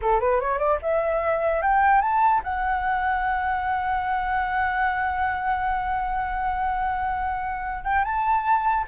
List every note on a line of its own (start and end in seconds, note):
0.01 0.20 A4
0.20 0.40 B4
0.40 0.58 C#5
0.58 0.78 D5
0.82 1.61 E5
1.61 2.01 G5
2.01 2.41 A5
2.43 7.84 F#5
7.84 8.04 G5
8.04 8.85 A5